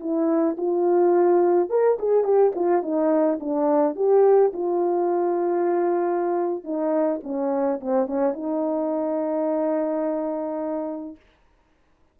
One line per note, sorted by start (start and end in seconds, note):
0.00 0.57 E4
0.57 1.70 F4
1.70 1.98 A#4
1.99 2.24 G#4
2.24 2.52 G4
2.55 2.83 F4
2.83 3.39 D#4
3.40 3.96 D4
3.96 4.52 G4
4.54 6.64 F4
6.64 7.21 D#4
7.23 7.80 C#4
7.81 8.07 C4
8.07 8.33 C#4
8.33 11.16 D#4